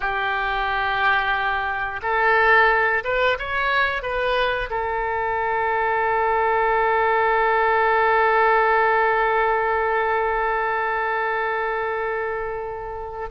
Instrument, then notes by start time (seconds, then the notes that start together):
oboe
0.00 G4
2.02 A4
3.03 B4
3.38 C#5
4.02 B4
4.70 A4